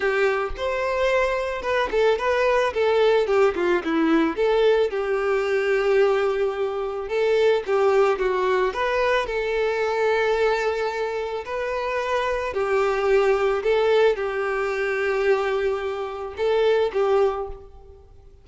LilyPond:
\new Staff \with { instrumentName = "violin" } { \time 4/4 \tempo 4 = 110 g'4 c''2 b'8 a'8 | b'4 a'4 g'8 f'8 e'4 | a'4 g'2.~ | g'4 a'4 g'4 fis'4 |
b'4 a'2.~ | a'4 b'2 g'4~ | g'4 a'4 g'2~ | g'2 a'4 g'4 | }